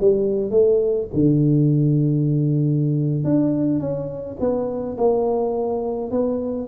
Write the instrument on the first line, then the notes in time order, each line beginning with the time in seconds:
tuba
0.00 G3
0.50 A3
1.14 D3
3.24 D4
3.79 C#4
4.39 B3
4.97 A#3
6.11 B3